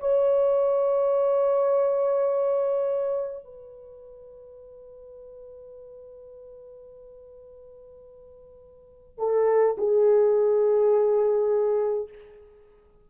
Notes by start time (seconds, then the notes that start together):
0.00 C#5
3.45 B4
9.19 A4
9.78 G#4